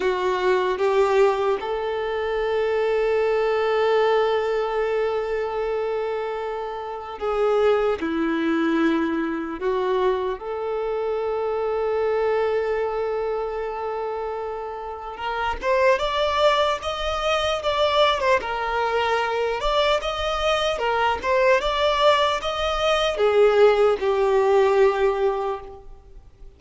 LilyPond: \new Staff \with { instrumentName = "violin" } { \time 4/4 \tempo 4 = 75 fis'4 g'4 a'2~ | a'1~ | a'4 gis'4 e'2 | fis'4 a'2.~ |
a'2. ais'8 c''8 | d''4 dis''4 d''8. c''16 ais'4~ | ais'8 d''8 dis''4 ais'8 c''8 d''4 | dis''4 gis'4 g'2 | }